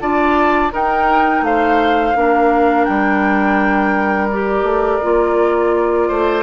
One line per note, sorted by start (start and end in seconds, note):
0.00 0.72 D4
0.00 0.71 F4
0.00 0.73 D5
0.00 0.72 A5
0.71 2.14 D#4
0.71 1.42 D#4
0.71 1.44 A#4
0.71 1.45 G5
1.42 2.13 A3
1.42 2.18 C5
1.42 2.85 F5
2.16 2.87 A#3
2.16 4.30 D4
2.16 6.08 A#4
2.85 4.63 G3
2.85 4.28 G5
4.29 5.03 G4
4.29 6.43 D5
4.63 4.99 A3
5.03 6.10 A#3
5.03 6.43 F4
6.08 6.43 A3
6.08 6.43 C5